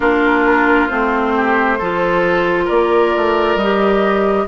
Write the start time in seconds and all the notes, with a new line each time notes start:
0.00 A#3 D4 F4 A#4
0.87 A3 C4 C5
1.36 G4
1.78 F3 F4 A4
2.65 A#3 A#4 D5
3.16 A3
3.55 G3 G4 D#5